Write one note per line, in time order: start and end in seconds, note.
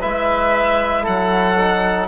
0.00 1.07 G#3
0.00 1.56 E4
0.00 1.03 B4
0.00 1.05 E5
1.03 2.07 F#3
1.03 2.06 A4
1.03 2.07 F#5
1.58 2.07 D#4